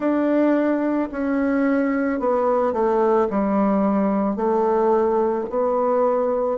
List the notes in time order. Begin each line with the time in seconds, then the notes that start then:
0.00 D4
1.11 C#4
2.19 B3
2.73 A3
3.30 G3
4.35 A3
5.49 B3